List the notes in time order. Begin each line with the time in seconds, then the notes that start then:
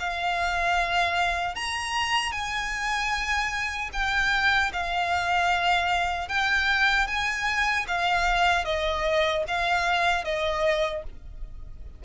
0.00 F5
1.56 A#5
2.33 G#5
3.93 G5
4.73 F5
6.29 G5
7.08 G#5
7.88 F5
8.65 D#5
9.48 F5
10.25 D#5